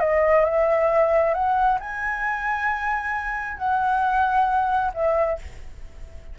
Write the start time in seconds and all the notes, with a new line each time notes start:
0.00 D#5
0.45 E5
1.34 F#5
1.80 G#5
3.58 F#5
4.94 E5